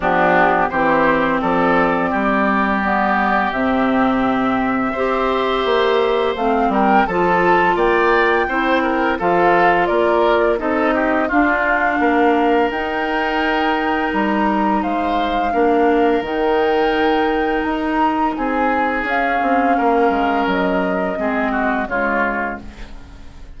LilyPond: <<
  \new Staff \with { instrumentName = "flute" } { \time 4/4 \tempo 4 = 85 g'4 c''4 d''2~ | d''4 e''2.~ | e''4 f''8 g''8 a''4 g''4~ | g''4 f''4 d''4 dis''4 |
f''2 g''2 | ais''4 f''2 g''4~ | g''4 ais''4 gis''4 f''4~ | f''4 dis''2 cis''4 | }
  \new Staff \with { instrumentName = "oboe" } { \time 4/4 d'4 g'4 a'4 g'4~ | g'2. c''4~ | c''4. ais'8 a'4 d''4 | c''8 ais'8 a'4 ais'4 a'8 g'8 |
f'4 ais'2.~ | ais'4 c''4 ais'2~ | ais'2 gis'2 | ais'2 gis'8 fis'8 f'4 | }
  \new Staff \with { instrumentName = "clarinet" } { \time 4/4 b4 c'2. | b4 c'2 g'4~ | g'4 c'4 f'2 | e'4 f'2 dis'4 |
d'2 dis'2~ | dis'2 d'4 dis'4~ | dis'2. cis'4~ | cis'2 c'4 gis4 | }
  \new Staff \with { instrumentName = "bassoon" } { \time 4/4 f4 e4 f4 g4~ | g4 c2 c'4 | ais4 a8 g8 f4 ais4 | c'4 f4 ais4 c'4 |
d'4 ais4 dis'2 | g4 gis4 ais4 dis4~ | dis4 dis'4 c'4 cis'8 c'8 | ais8 gis8 fis4 gis4 cis4 | }
>>